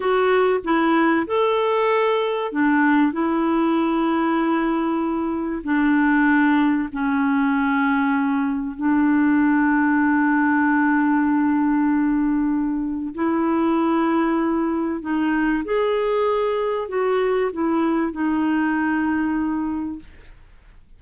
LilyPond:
\new Staff \with { instrumentName = "clarinet" } { \time 4/4 \tempo 4 = 96 fis'4 e'4 a'2 | d'4 e'2.~ | e'4 d'2 cis'4~ | cis'2 d'2~ |
d'1~ | d'4 e'2. | dis'4 gis'2 fis'4 | e'4 dis'2. | }